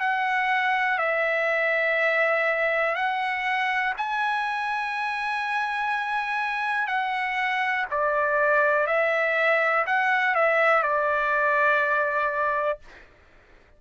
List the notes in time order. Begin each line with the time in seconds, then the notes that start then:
0.00 F#5
0.98 E5
2.96 F#5
3.97 G#5
6.88 F#5
7.91 D5
8.87 E5
9.86 F#5
10.35 E5
10.83 D5